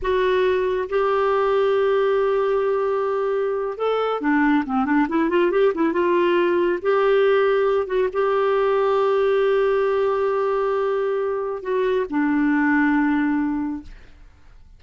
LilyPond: \new Staff \with { instrumentName = "clarinet" } { \time 4/4 \tempo 4 = 139 fis'2 g'2~ | g'1~ | g'8. a'4 d'4 c'8 d'8 e'16~ | e'16 f'8 g'8 e'8 f'2 g'16~ |
g'2~ g'16 fis'8 g'4~ g'16~ | g'1~ | g'2. fis'4 | d'1 | }